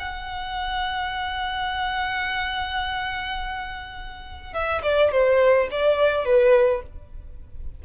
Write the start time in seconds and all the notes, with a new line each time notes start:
0.00 F#5
4.54 E5
4.83 D5
5.12 C5
5.72 D5
6.25 B4